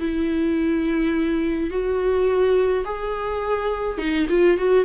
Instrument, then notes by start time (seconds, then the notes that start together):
viola
0.00 E4
1.71 F#4
2.85 G#4
3.98 D#4
4.30 F4
4.58 F#4